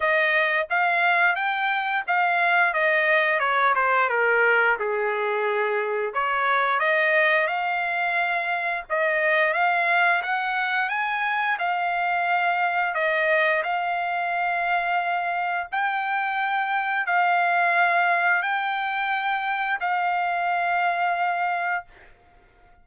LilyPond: \new Staff \with { instrumentName = "trumpet" } { \time 4/4 \tempo 4 = 88 dis''4 f''4 g''4 f''4 | dis''4 cis''8 c''8 ais'4 gis'4~ | gis'4 cis''4 dis''4 f''4~ | f''4 dis''4 f''4 fis''4 |
gis''4 f''2 dis''4 | f''2. g''4~ | g''4 f''2 g''4~ | g''4 f''2. | }